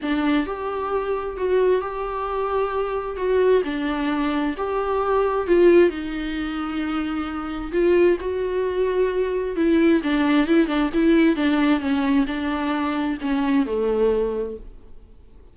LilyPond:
\new Staff \with { instrumentName = "viola" } { \time 4/4 \tempo 4 = 132 d'4 g'2 fis'4 | g'2. fis'4 | d'2 g'2 | f'4 dis'2.~ |
dis'4 f'4 fis'2~ | fis'4 e'4 d'4 e'8 d'8 | e'4 d'4 cis'4 d'4~ | d'4 cis'4 a2 | }